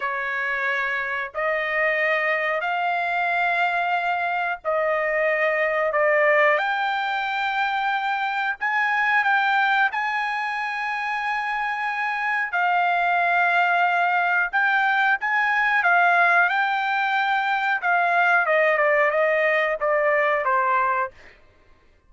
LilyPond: \new Staff \with { instrumentName = "trumpet" } { \time 4/4 \tempo 4 = 91 cis''2 dis''2 | f''2. dis''4~ | dis''4 d''4 g''2~ | g''4 gis''4 g''4 gis''4~ |
gis''2. f''4~ | f''2 g''4 gis''4 | f''4 g''2 f''4 | dis''8 d''8 dis''4 d''4 c''4 | }